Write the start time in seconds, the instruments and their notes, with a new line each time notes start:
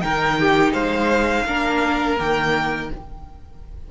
0.00 cello D#3, viola D#4, violin A#4 G5
0.39 violin G4
0.72 cello G#3, violin C5 F5
1.44 cello A#3, viola D4, violin A#4
2.18 cello D#3, viola A#3, violin G5